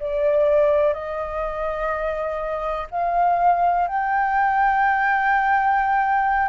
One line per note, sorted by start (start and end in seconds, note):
0.00 0.94 D5
0.94 2.88 D#5
2.91 3.88 F5
3.88 6.49 G5